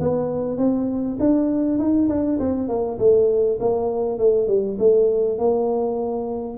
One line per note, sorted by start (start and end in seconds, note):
0.00 0.58 B3
0.58 1.18 C4
1.19 1.78 D4
1.78 2.08 D#4
2.09 2.39 D4
2.39 2.68 C4
2.68 2.98 A#3
2.99 3.59 A3
3.60 4.18 A#3
4.18 4.48 A3
4.48 4.78 G3
4.79 5.38 A3
5.38 6.58 A#3